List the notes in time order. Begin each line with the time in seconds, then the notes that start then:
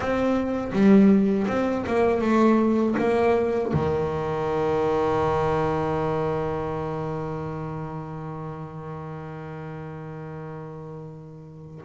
0.00 C4
0.72 G3
1.47 C4
1.87 A#3
2.21 A3
2.98 A#3
3.73 D#3